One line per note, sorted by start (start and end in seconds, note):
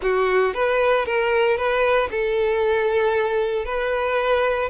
0.02 0.54 F#4
0.54 1.05 B4
1.05 1.57 A#4
1.57 2.09 B4
2.10 3.65 A4
3.65 4.69 B4